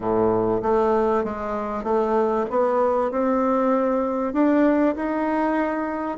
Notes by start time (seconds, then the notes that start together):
0.00 A2
0.62 A3
1.23 G#3
1.83 A3
2.50 B3
3.11 C4
4.33 D4
4.95 D#4